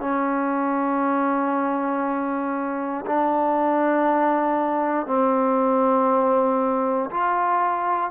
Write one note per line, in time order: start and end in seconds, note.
0.00 3.05 C#4
3.06 5.06 D4
5.06 7.10 C4
7.10 8.10 F4